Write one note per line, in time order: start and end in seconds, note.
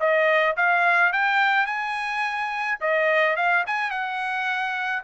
0.00 0.56 D#5
0.56 1.12 F5
1.12 1.66 G5
1.66 2.78 G#5
2.80 3.36 D#5
3.36 3.64 F5
3.66 3.90 G#5
3.90 5.03 F#5